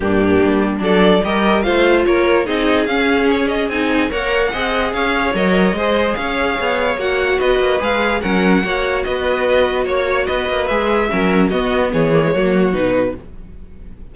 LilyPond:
<<
  \new Staff \with { instrumentName = "violin" } { \time 4/4 \tempo 4 = 146 g'2 d''4 dis''4 | f''4 cis''4 dis''4 f''4 | cis''8 dis''8 gis''4 fis''2 | f''4 dis''2 f''4~ |
f''4 fis''4 dis''4 f''4 | fis''2 dis''2 | cis''4 dis''4 e''2 | dis''4 cis''2 b'4 | }
  \new Staff \with { instrumentName = "violin" } { \time 4/4 d'2 a'4 ais'4 | c''4 ais'4 gis'2~ | gis'2 cis''4 dis''4 | cis''2 c''4 cis''4~ |
cis''2 b'2 | ais'4 cis''4 b'2 | cis''4 b'2 ais'4 | fis'4 gis'4 fis'2 | }
  \new Staff \with { instrumentName = "viola" } { \time 4/4 ais2 d'4 g'4 | f'2 dis'4 cis'4~ | cis'4 dis'4 ais'4 gis'4~ | gis'4 ais'4 gis'2~ |
gis'4 fis'2 gis'4 | cis'4 fis'2.~ | fis'2 gis'4 cis'4 | b4. ais16 gis16 ais4 dis'4 | }
  \new Staff \with { instrumentName = "cello" } { \time 4/4 g,4 g4 fis4 g4 | a4 ais4 c'4 cis'4~ | cis'4 c'4 ais4 c'4 | cis'4 fis4 gis4 cis'4 |
b4 ais4 b8 ais8 gis4 | fis4 ais4 b2 | ais4 b8 ais8 gis4 fis4 | b4 e4 fis4 b,4 | }
>>